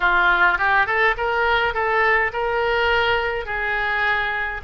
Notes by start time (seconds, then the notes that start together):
0.00 F4
0.57 G4
0.86 A4
1.17 A#4
1.73 A4
2.32 A#4
3.45 G#4